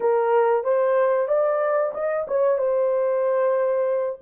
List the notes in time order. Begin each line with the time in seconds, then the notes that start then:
0.00 A#4
0.64 C5
1.28 D5
1.94 D#5
2.27 C#5
2.57 C5